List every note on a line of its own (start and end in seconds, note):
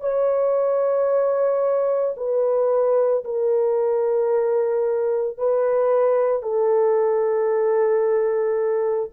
0.00 2.14 C#5
2.16 3.23 B4
3.24 5.37 A#4
5.37 6.42 B4
6.42 9.10 A4